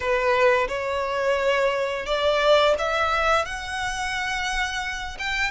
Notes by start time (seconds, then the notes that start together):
0.00 B4
0.67 C#5
2.05 D5
2.78 E5
3.45 F#5
5.18 G5